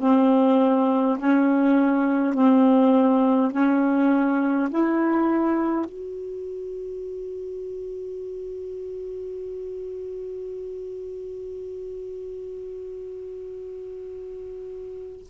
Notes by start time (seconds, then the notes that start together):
0.00 C4
1.19 C#4
2.34 C4
3.51 C#4
4.70 E4
5.86 F#4